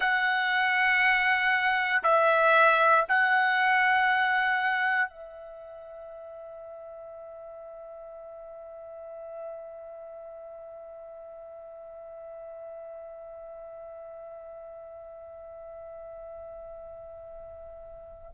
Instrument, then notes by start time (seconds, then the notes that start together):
trumpet
0.00 F#5
2.03 E5
3.08 F#5
5.09 E5